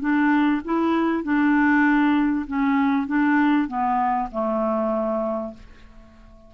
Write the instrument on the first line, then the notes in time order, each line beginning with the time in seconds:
clarinet
0.00 D4
0.65 E4
1.23 D4
2.47 C#4
3.07 D4
3.68 B3
4.31 A3